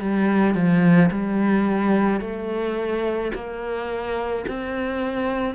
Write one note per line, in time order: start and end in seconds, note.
0.00 0.55 G3
0.55 1.10 F3
1.12 2.21 G3
2.21 3.32 A3
3.34 4.45 A#3
4.48 5.55 C4